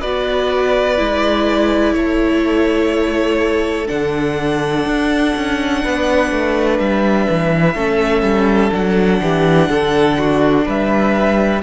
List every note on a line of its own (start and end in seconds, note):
0.00 0.99 B3
0.00 0.97 F#4
0.00 1.94 B4
0.00 1.93 D5
0.97 1.94 G#3
0.97 3.86 E4
1.93 3.87 A3
1.93 5.83 A4
1.93 3.87 C#5
3.86 4.85 D3
3.86 7.73 D4
3.86 6.78 F#5
4.85 5.33 D4
5.35 5.84 C#4
5.83 6.31 B3
5.83 7.75 B4
6.31 6.79 A3
6.79 7.27 G3
6.79 8.73 E5
7.29 7.75 E3
7.75 8.22 A3
7.75 8.71 C#4
7.75 9.20 A4
8.22 8.70 G3
8.71 9.20 F#3
8.71 11.61 D4
8.71 10.67 F#5
9.21 9.69 E3
9.21 9.69 G4
9.69 10.66 D3
9.69 10.17 A4
10.18 10.65 F#4
10.65 11.62 G3
10.65 11.61 B4
10.65 11.62 E5